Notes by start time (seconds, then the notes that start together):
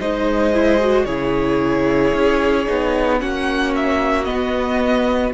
0.00 G#3 D#4 C5 D#5
0.53 E4
0.80 F#4
1.05 C#3 E4 G#4 C#5
2.14 C#4
2.66 B3 D#4
3.19 A#3 C#4 F#4 F#5
3.75 E5
4.24 B3 D#5
4.31 B3